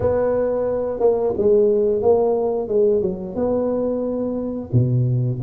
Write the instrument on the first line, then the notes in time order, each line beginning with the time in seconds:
tuba
0.00 B3
0.99 A#3
1.37 G#3
2.02 A#3
2.68 G#3
3.01 F#3
3.35 B3
4.72 B2